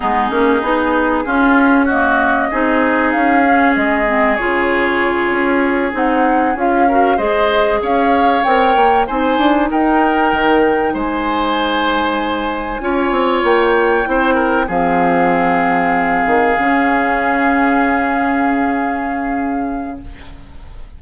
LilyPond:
<<
  \new Staff \with { instrumentName = "flute" } { \time 4/4 \tempo 4 = 96 gis'2. dis''4~ | dis''4 f''4 dis''4 cis''4~ | cis''4. fis''4 f''4 dis''8~ | dis''8 f''4 g''4 gis''4 g''8~ |
g''4. gis''2~ gis''8~ | gis''4. g''2 f''8~ | f''1~ | f''1 | }
  \new Staff \with { instrumentName = "oboe" } { \time 4/4 dis'2 f'4 fis'4 | gis'1~ | gis'2. ais'8 c''8~ | c''8 cis''2 c''4 ais'8~ |
ais'4. c''2~ c''8~ | c''8 cis''2 c''8 ais'8 gis'8~ | gis'1~ | gis'1 | }
  \new Staff \with { instrumentName = "clarinet" } { \time 4/4 b8 cis'8 dis'4 cis'4 ais4 | dis'4. cis'4 c'8 f'4~ | f'4. dis'4 f'8 fis'8 gis'8~ | gis'4. ais'4 dis'4.~ |
dis'1~ | dis'8 f'2 e'4 c'8~ | c'2~ c'8 cis'4.~ | cis'1 | }
  \new Staff \with { instrumentName = "bassoon" } { \time 4/4 gis8 ais8 b4 cis'2 | c'4 cis'4 gis4 cis4~ | cis8 cis'4 c'4 cis'4 gis8~ | gis8 cis'4 c'8 ais8 c'8 d'8 dis'8~ |
dis'8 dis4 gis2~ gis8~ | gis8 cis'8 c'8 ais4 c'4 f8~ | f2 dis8 cis4.~ | cis1 | }
>>